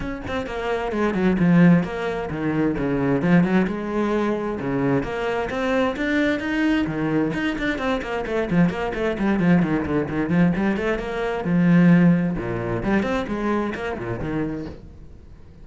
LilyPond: \new Staff \with { instrumentName = "cello" } { \time 4/4 \tempo 4 = 131 cis'8 c'8 ais4 gis8 fis8 f4 | ais4 dis4 cis4 f8 fis8 | gis2 cis4 ais4 | c'4 d'4 dis'4 dis4 |
dis'8 d'8 c'8 ais8 a8 f8 ais8 a8 | g8 f8 dis8 d8 dis8 f8 g8 a8 | ais4 f2 ais,4 | g8 c'8 gis4 ais8 ais,8 dis4 | }